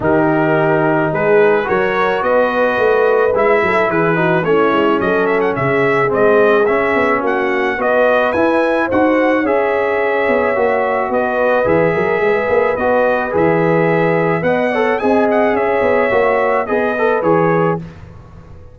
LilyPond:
<<
  \new Staff \with { instrumentName = "trumpet" } { \time 4/4 \tempo 4 = 108 ais'2 b'4 cis''4 | dis''2 e''4 b'4 | cis''4 dis''8 e''16 fis''16 e''4 dis''4 | e''4 fis''4 dis''4 gis''4 |
fis''4 e''2. | dis''4 e''2 dis''4 | e''2 fis''4 gis''8 fis''8 | e''2 dis''4 cis''4 | }
  \new Staff \with { instrumentName = "horn" } { \time 4/4 g'2 gis'4 ais'4 | b'2~ b'8 a'8 gis'8 fis'8 | e'4 a'4 gis'2~ | gis'4 fis'4 b'2 |
c''4 cis''2. | b'4. ais'8 b'2~ | b'2 dis''8 cis''8 dis''4 | cis''2 b'2 | }
  \new Staff \with { instrumentName = "trombone" } { \time 4/4 dis'2. fis'4~ | fis'2 e'4. dis'8 | cis'2. c'4 | cis'2 fis'4 e'4 |
fis'4 gis'2 fis'4~ | fis'4 gis'2 fis'4 | gis'2 b'8 a'8 gis'4~ | gis'4 fis'4 gis'8 a'8 gis'4 | }
  \new Staff \with { instrumentName = "tuba" } { \time 4/4 dis2 gis4 fis4 | b4 a4 gis8 fis8 e4 | a8 gis8 fis4 cis4 gis4 | cis'8 b8 ais4 b4 e'4 |
dis'4 cis'4. b8 ais4 | b4 e8 fis8 gis8 ais8 b4 | e2 b4 c'4 | cis'8 b8 ais4 b4 e4 | }
>>